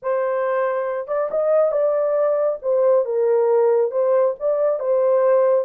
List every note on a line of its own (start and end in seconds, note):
0.02 1.07 C5
1.07 1.29 D5
1.30 1.71 D#5
1.71 2.58 D5
2.62 3.05 C5
3.05 3.91 A#4
3.91 4.34 C5
4.39 4.79 D5
4.79 5.65 C5